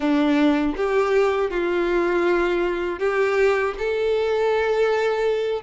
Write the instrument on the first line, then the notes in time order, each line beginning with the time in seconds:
violin
0.00 D4
0.76 G4
1.50 F4
2.99 G4
3.78 A4